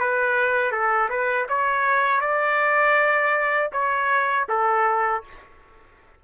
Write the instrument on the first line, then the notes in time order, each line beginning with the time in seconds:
trumpet
0.00 B4
0.72 A4
1.10 B4
1.49 C#5
2.21 D5
3.73 C#5
4.49 A4